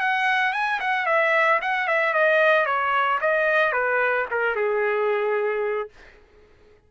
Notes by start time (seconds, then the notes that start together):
0.00 F#5
0.53 G#5
0.80 F#5
1.06 E5
1.62 F#5
1.88 E5
2.14 D#5
2.66 C#5
3.21 D#5
3.73 B4
4.31 A#4
4.56 G#4